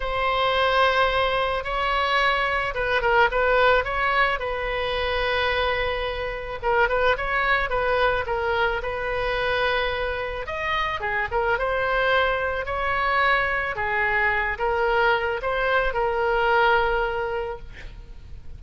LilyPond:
\new Staff \with { instrumentName = "oboe" } { \time 4/4 \tempo 4 = 109 c''2. cis''4~ | cis''4 b'8 ais'8 b'4 cis''4 | b'1 | ais'8 b'8 cis''4 b'4 ais'4 |
b'2. dis''4 | gis'8 ais'8 c''2 cis''4~ | cis''4 gis'4. ais'4. | c''4 ais'2. | }